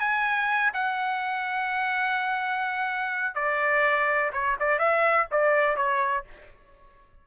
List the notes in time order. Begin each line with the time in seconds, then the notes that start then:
0.00 G#5
0.74 F#5
3.35 D5
4.33 C#5
4.60 D5
4.79 E5
5.32 D5
5.77 C#5